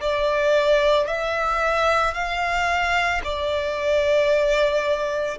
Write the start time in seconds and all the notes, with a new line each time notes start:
0.00 D5
1.07 E5
2.14 F5
3.23 D5